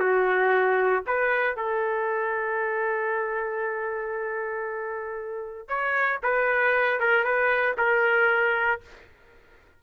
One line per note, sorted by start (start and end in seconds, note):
0.00 1.03 F#4
1.07 1.56 B4
1.56 5.68 A4
5.68 6.20 C#5
6.23 7.00 B4
7.00 7.24 A#4
7.24 7.76 B4
7.78 8.81 A#4